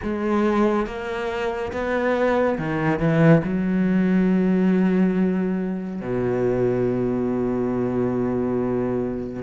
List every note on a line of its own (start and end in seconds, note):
0.02 0.86 G#3
0.86 1.71 A#3
1.72 2.58 B3
2.58 2.99 D#3
2.99 3.42 E3
3.44 6.01 F#3
6.01 9.42 B2